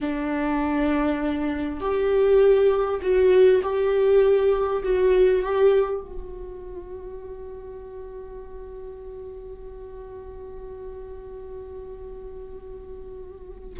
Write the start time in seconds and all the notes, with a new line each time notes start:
0.00 D4
1.80 G4
3.02 F#4
3.62 G4
4.83 F#4
5.42 G4
6.01 F#4